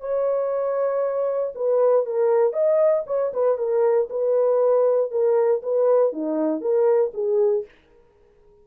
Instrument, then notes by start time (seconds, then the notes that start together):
horn
0.00 C#5
1.55 B4
2.05 A#4
2.53 D#5
3.06 C#5
3.33 B4
3.57 A#4
4.09 B4
5.11 A#4
5.62 B4
6.12 D#4
6.61 A#4
7.13 G#4